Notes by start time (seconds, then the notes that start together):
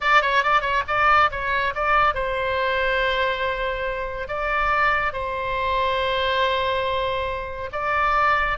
0.00 D5
0.21 C#5
0.43 D5
0.61 C#5
0.87 D5
1.31 C#5
1.75 D5
2.14 C5
4.28 D5
5.12 C5
7.72 D5